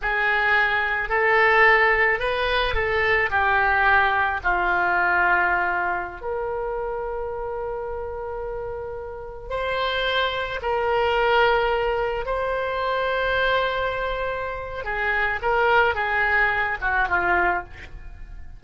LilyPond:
\new Staff \with { instrumentName = "oboe" } { \time 4/4 \tempo 4 = 109 gis'2 a'2 | b'4 a'4 g'2 | f'2.~ f'16 ais'8.~ | ais'1~ |
ais'4~ ais'16 c''2 ais'8.~ | ais'2~ ais'16 c''4.~ c''16~ | c''2. gis'4 | ais'4 gis'4. fis'8 f'4 | }